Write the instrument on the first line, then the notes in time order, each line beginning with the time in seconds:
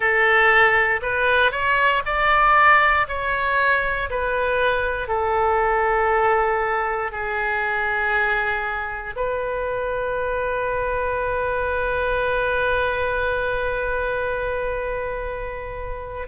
oboe
0.00 A4
1.02 B4
1.51 C#5
2.05 D5
3.07 C#5
4.10 B4
5.08 A4
7.11 G#4
9.15 B4